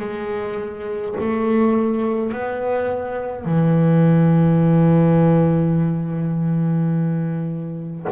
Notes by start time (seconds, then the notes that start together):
0.00 G#3
1.21 A3
2.33 B3
3.45 E3